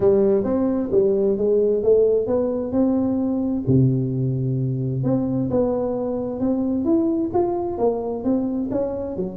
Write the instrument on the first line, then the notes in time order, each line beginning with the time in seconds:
tuba
0.00 G3
0.44 C4
0.91 G3
1.37 G#3
1.83 A3
2.27 B3
2.71 C4
3.67 C3
5.03 C4
5.50 B3
6.40 C4
6.85 E4
7.33 F4
7.78 A#3
8.23 C4
8.71 C#4
9.16 F#3